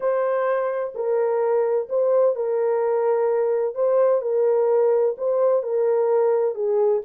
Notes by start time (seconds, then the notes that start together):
0.00 C5
0.94 A#4
1.89 C5
2.35 A#4
3.74 C5
4.21 A#4
5.17 C5
5.62 A#4
6.55 G#4